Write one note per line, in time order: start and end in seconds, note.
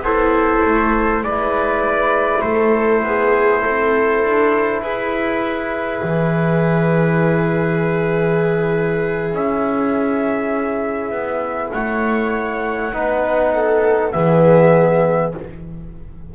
0.00 0.60 B3
0.00 1.24 E4
0.00 1.24 A4
0.00 1.24 C5
0.65 1.23 A3
1.23 2.43 G#3
1.23 12.93 E4
1.23 2.44 B4
1.23 2.41 D5
2.41 3.03 A3
2.41 3.04 A4
2.41 4.81 C5
3.03 3.63 B3
3.03 3.62 G#4
3.62 4.24 C4
3.62 4.82 A4
4.24 4.81 D4
4.81 6.01 E4
4.81 11.72 G#4
4.81 9.31 B4
6.03 9.33 E3
9.33 11.11 C#4
9.33 11.72 E5
11.11 11.71 B3
11.72 12.93 A3
11.72 12.93 C#5
11.72 14.12 F#5
12.93 14.13 B3
12.93 14.12 D#4
12.93 13.54 B4
13.54 14.13 A4
14.12 15.34 E3
14.12 15.32 B3
14.12 15.33 G#4
14.12 15.32 E5